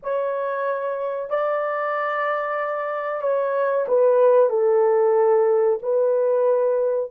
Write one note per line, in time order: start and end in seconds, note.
0.03 1.30 C#5
1.30 3.21 D5
3.21 3.86 C#5
3.88 4.49 B4
4.49 5.78 A4
5.82 7.10 B4